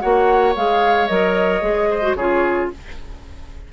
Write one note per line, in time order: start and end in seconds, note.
0.00 0.56 A#3
0.00 0.54 F#4
0.00 1.89 C#5
0.00 0.54 F#5
0.56 1.09 G#3
0.56 1.09 G#4
0.56 1.08 F5
1.08 1.61 F#3
1.08 1.62 A#4
1.08 2.15 D#5
1.61 2.15 G#3
1.61 2.02 G#4
1.90 2.17 C5
2.02 2.15 F#4
2.15 2.69 C#3
2.15 2.73 F4
2.15 2.70 G#4
2.15 2.68 C#5